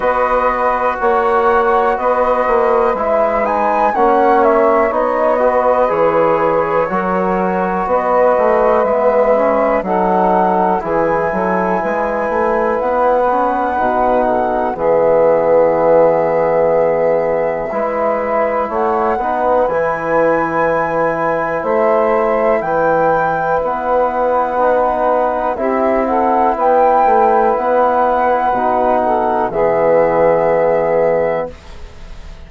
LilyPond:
<<
  \new Staff \with { instrumentName = "flute" } { \time 4/4 \tempo 4 = 61 dis''4 fis''4 dis''4 e''8 gis''8 | fis''8 e''8 dis''4 cis''2 | dis''4 e''4 fis''4 gis''4~ | gis''4 fis''2 e''4~ |
e''2. fis''4 | gis''2 e''4 g''4 | fis''2 e''8 fis''8 g''4 | fis''2 e''2 | }
  \new Staff \with { instrumentName = "saxophone" } { \time 4/4 b'4 cis''4 b'2 | cis''4. b'4. ais'4 | b'2 a'4 gis'8 a'8 | b'2~ b'8 a'8 gis'4~ |
gis'2 b'4 cis''8 b'8~ | b'2 c''4 b'4~ | b'2 g'8 a'8 b'4~ | b'4. a'8 gis'2 | }
  \new Staff \with { instrumentName = "trombone" } { \time 4/4 fis'2. e'8 dis'8 | cis'4 dis'8 fis'8 gis'4 fis'4~ | fis'4 b8 cis'8 dis'4 e'4~ | e'4. cis'8 dis'4 b4~ |
b2 e'4. dis'8 | e'1~ | e'4 dis'4 e'2~ | e'4 dis'4 b2 | }
  \new Staff \with { instrumentName = "bassoon" } { \time 4/4 b4 ais4 b8 ais8 gis4 | ais4 b4 e4 fis4 | b8 a8 gis4 fis4 e8 fis8 | gis8 a8 b4 b,4 e4~ |
e2 gis4 a8 b8 | e2 a4 e4 | b2 c'4 b8 a8 | b4 b,4 e2 | }
>>